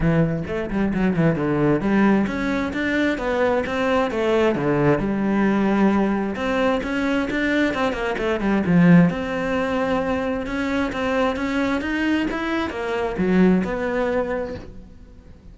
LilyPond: \new Staff \with { instrumentName = "cello" } { \time 4/4 \tempo 4 = 132 e4 a8 g8 fis8 e8 d4 | g4 cis'4 d'4 b4 | c'4 a4 d4 g4~ | g2 c'4 cis'4 |
d'4 c'8 ais8 a8 g8 f4 | c'2. cis'4 | c'4 cis'4 dis'4 e'4 | ais4 fis4 b2 | }